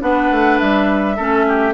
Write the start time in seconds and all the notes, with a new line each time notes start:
0.00 B3 D4 B4 F#5
0.30 A3
0.58 G3 E5
1.16 A3 C#4 A4
1.48 G4